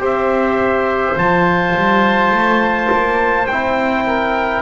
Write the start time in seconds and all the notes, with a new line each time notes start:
0.00 C4 G4 C5 E5
1.16 F3 F4 A5
1.77 G3
2.31 A3
2.93 A#3
3.47 C4 E4 G5
4.07 A#4